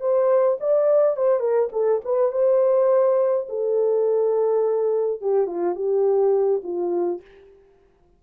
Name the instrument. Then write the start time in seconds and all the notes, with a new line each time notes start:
horn
0.00 C5
0.60 D5
1.16 C5
1.40 A#4
1.72 A4
2.04 B4
2.32 C5
3.49 A4
5.21 G4
5.47 F4
5.75 G4
6.63 F4